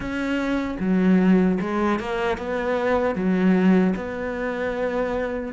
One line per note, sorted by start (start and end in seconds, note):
0.00 0.77 C#4
0.79 1.58 F#3
1.60 2.00 G#3
2.00 2.37 A#3
2.37 3.15 B3
3.15 3.94 F#3
3.95 5.53 B3